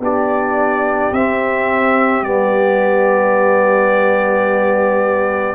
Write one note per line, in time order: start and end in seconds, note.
0.00 1.11 B3
0.00 1.13 D4
0.00 5.55 G4
0.00 1.14 D5
1.12 2.22 C4
1.12 2.24 C4
1.12 2.24 E5
2.22 5.55 G3
2.22 5.55 B3
2.22 5.55 D5